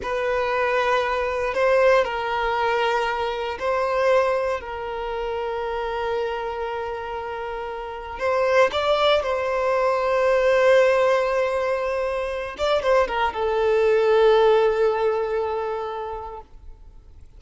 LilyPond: \new Staff \with { instrumentName = "violin" } { \time 4/4 \tempo 4 = 117 b'2. c''4 | ais'2. c''4~ | c''4 ais'2.~ | ais'1 |
c''4 d''4 c''2~ | c''1~ | c''8 d''8 c''8 ais'8 a'2~ | a'1 | }